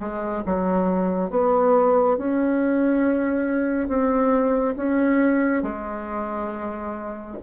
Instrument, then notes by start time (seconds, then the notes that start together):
bassoon
0.00 G#3
0.45 F#3
1.30 B3
2.18 C#4
3.89 C4
4.76 C#4
5.63 G#3